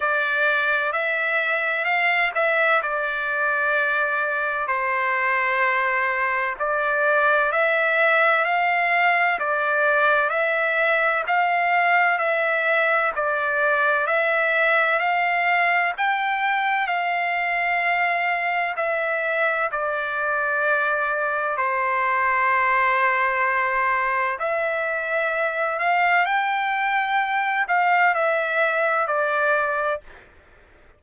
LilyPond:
\new Staff \with { instrumentName = "trumpet" } { \time 4/4 \tempo 4 = 64 d''4 e''4 f''8 e''8 d''4~ | d''4 c''2 d''4 | e''4 f''4 d''4 e''4 | f''4 e''4 d''4 e''4 |
f''4 g''4 f''2 | e''4 d''2 c''4~ | c''2 e''4. f''8 | g''4. f''8 e''4 d''4 | }